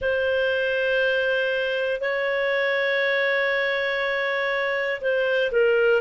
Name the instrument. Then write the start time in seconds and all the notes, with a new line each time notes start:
clarinet
0.01 C5
2.00 C#5
5.01 C5
5.51 A#4